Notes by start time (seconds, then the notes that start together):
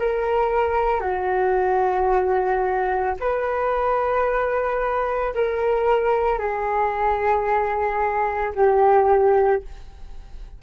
0.00 A#4
1.01 F#4
3.20 B4
5.35 A#4
6.39 G#4
8.56 G4